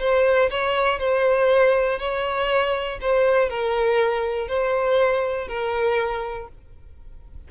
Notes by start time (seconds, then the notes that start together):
0.00 C5
0.50 C#5
0.99 C5
1.99 C#5
3.01 C5
3.50 A#4
4.48 C5
5.48 A#4